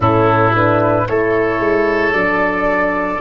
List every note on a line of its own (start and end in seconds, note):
0.00 1.04 A2
0.00 0.54 C#4
0.00 1.08 E4
0.00 0.54 A4
0.54 1.07 D4
0.54 1.07 B4
1.07 1.59 A3
1.07 2.12 E4
1.07 3.20 A4
1.07 2.13 C#5
1.59 2.12 G#3
2.12 3.19 F#3
2.12 3.19 D4
2.12 3.20 D5